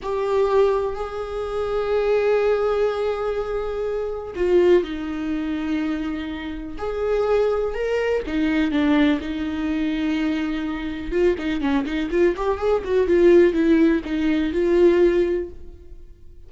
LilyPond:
\new Staff \with { instrumentName = "viola" } { \time 4/4 \tempo 4 = 124 g'2 gis'2~ | gis'1~ | gis'4 f'4 dis'2~ | dis'2 gis'2 |
ais'4 dis'4 d'4 dis'4~ | dis'2. f'8 dis'8 | cis'8 dis'8 f'8 g'8 gis'8 fis'8 f'4 | e'4 dis'4 f'2 | }